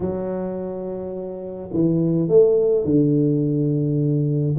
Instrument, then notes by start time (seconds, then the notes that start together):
tuba
0.00 F#3
1.73 E3
2.28 A3
2.84 D3